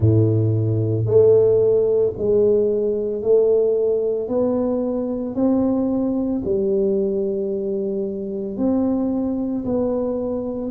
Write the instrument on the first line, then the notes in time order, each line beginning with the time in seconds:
tuba
0.00 A2
1.05 A3
2.17 G#3
3.21 A3
4.28 B3
5.35 C4
6.44 G3
8.57 C4
9.64 B3